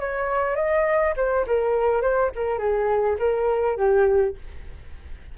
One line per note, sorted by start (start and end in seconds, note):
0.00 0.56 C#5
0.56 1.14 D#5
1.17 1.46 C5
1.47 2.02 A#4
2.02 2.31 C5
2.35 2.59 A#4
2.59 3.17 G#4
3.19 3.77 A#4
3.77 4.35 G4